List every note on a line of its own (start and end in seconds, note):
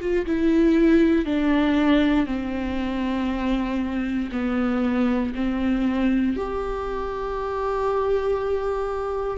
0.00 0.25 F4
0.26 1.26 E4
1.26 2.27 D4
2.27 4.30 C4
4.32 5.34 B3
5.35 6.37 C4
6.37 9.38 G4